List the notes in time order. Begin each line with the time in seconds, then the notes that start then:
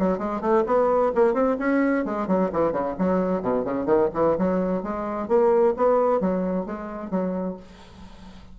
0.00 F#3
0.19 G#3
0.41 A3
0.67 B3
1.15 A#3
1.34 C4
1.59 C#4
2.06 G#3
2.28 F#3
2.53 E3
2.73 C#3
2.99 F#3
3.43 B2
3.65 C#3
3.86 D#3
4.14 E3
4.39 F#3
4.84 G#3
5.29 A#3
5.77 B3
6.21 F#3
6.66 G#3
7.11 F#3